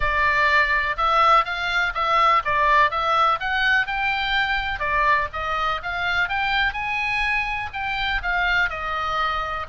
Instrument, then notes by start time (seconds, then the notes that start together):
oboe
0.00 D5
0.97 E5
1.44 F5
1.94 E5
2.44 D5
2.90 E5
3.40 F#5
3.86 G5
4.79 D5
5.32 D#5
5.82 F5
6.29 G5
6.73 G#5
7.73 G5
8.22 F5
8.69 D#5